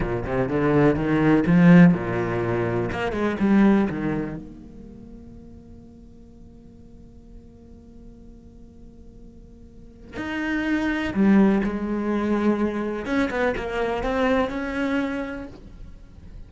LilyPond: \new Staff \with { instrumentName = "cello" } { \time 4/4 \tempo 4 = 124 ais,8 c8 d4 dis4 f4 | ais,2 ais8 gis8 g4 | dis4 ais2.~ | ais1~ |
ais1~ | ais4 dis'2 g4 | gis2. cis'8 b8 | ais4 c'4 cis'2 | }